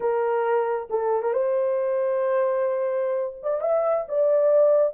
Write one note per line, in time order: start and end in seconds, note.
0.00 0.88 A#4
0.90 1.22 A4
1.22 1.33 A#4
1.33 3.36 C5
3.42 3.60 D5
3.60 4.06 E5
4.08 4.93 D5